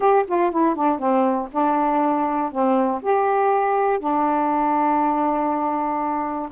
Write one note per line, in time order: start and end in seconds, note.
0.00 0.25 G4
0.27 0.51 F4
0.51 0.75 E4
0.75 0.99 D4
0.99 1.49 C4
1.51 2.51 D4
2.51 3.01 C4
3.01 3.99 G4
3.99 6.49 D4